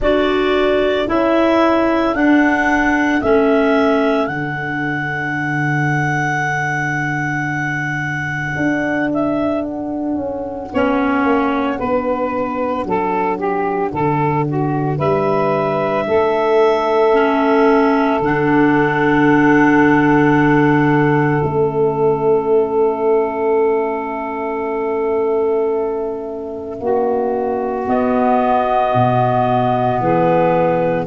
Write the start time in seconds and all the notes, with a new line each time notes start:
0.00 D4 F#4 A4 D5
1.07 C#4 E4 E5
2.14 D4 F#5
3.21 A3 C#4 E5
4.26 D3 D4 F#5
8.56 D4
9.13 E5
9.63 F#5
10.15 C#4
10.73 B3 C#4 C#5
11.24 A#3
11.78 B3 D4 B4
12.85 F#3 A4
13.37 G4
13.92 D3 A4
14.48 F#4
14.97 G3 B4 E5
16.07 A3 A4
17.12 C#4
18.20 D3 D4 F#5
21.40 A3 C#4 E5
26.79 A#3 F#4
27.86 B3 D#5
28.94 B2
30.00 E3 G#4 B4